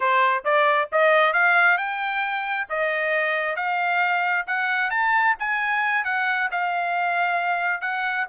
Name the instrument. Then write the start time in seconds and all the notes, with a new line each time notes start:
trumpet
0.00 C5
0.44 D5
0.92 D#5
1.33 F5
1.77 G5
2.69 D#5
3.56 F5
4.46 F#5
4.90 A5
5.39 G#5
6.04 F#5
6.51 F5
7.81 F#5